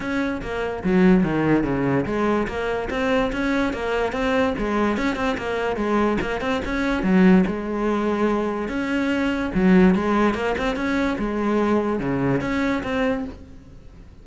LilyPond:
\new Staff \with { instrumentName = "cello" } { \time 4/4 \tempo 4 = 145 cis'4 ais4 fis4 dis4 | cis4 gis4 ais4 c'4 | cis'4 ais4 c'4 gis4 | cis'8 c'8 ais4 gis4 ais8 c'8 |
cis'4 fis4 gis2~ | gis4 cis'2 fis4 | gis4 ais8 c'8 cis'4 gis4~ | gis4 cis4 cis'4 c'4 | }